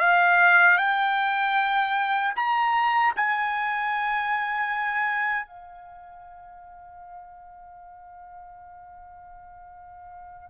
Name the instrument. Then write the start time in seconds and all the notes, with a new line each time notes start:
trumpet
0.00 F5
0.78 G5
2.36 A#5
3.16 G#5
5.47 F5